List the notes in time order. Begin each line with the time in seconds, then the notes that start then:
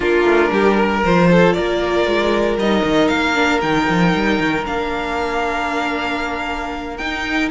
0.00 A#3 D4 F4 A#4
0.24 A3
0.51 G3 G4
0.77 A#4
1.04 F3 F4 C5
1.31 A4
1.52 A#3 A#4 D5
2.06 G#3
2.56 G3 D#4 D#5
2.84 D#3
3.07 A#3 F5
3.35 D4
3.61 D#3 D#4 G5
3.88 F3
4.15 G3
4.39 D#3
4.65 A#3 D4 F5
6.97 D#4 G5